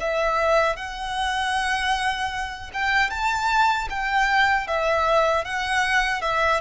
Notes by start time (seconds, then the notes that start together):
0.00 E5
0.76 F#5
2.73 G5
3.10 A5
3.90 G5
4.67 E5
5.44 F#5
6.21 E5